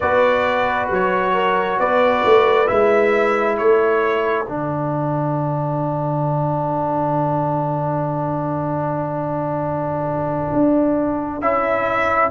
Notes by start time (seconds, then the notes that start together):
0.00 B3 F#4 B4 D5
0.89 F#3 C#5
1.33 A#4
1.79 B3 B4 D5
2.24 A3
2.66 G#3 E4 E5
3.57 A3 A4 C#5
4.45 D3 D4 F#5
10.52 D4
11.41 C#4 E4 E5